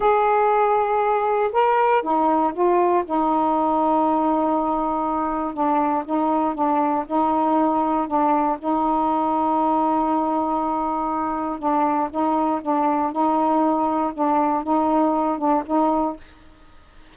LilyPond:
\new Staff \with { instrumentName = "saxophone" } { \time 4/4 \tempo 4 = 119 gis'2. ais'4 | dis'4 f'4 dis'2~ | dis'2. d'4 | dis'4 d'4 dis'2 |
d'4 dis'2.~ | dis'2. d'4 | dis'4 d'4 dis'2 | d'4 dis'4. d'8 dis'4 | }